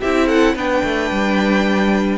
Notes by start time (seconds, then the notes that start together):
0.00 C4 E4 G4 E5
0.27 A4 F#5
0.55 B3 D4 B4 G5
0.83 A3
1.11 G3